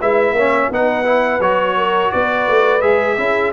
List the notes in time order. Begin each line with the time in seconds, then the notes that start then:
0.00 G#3 E4 B4 E5
0.31 A#3 C#5
0.39 C#4
0.70 B3 D#4 B4 F#5
1.05 E4
1.40 F#3 F#4 C#5
1.77 A#4
2.12 B3 B4 D5
2.48 A3
2.81 G#3 G#4 E5
3.18 C#4 E4 G#4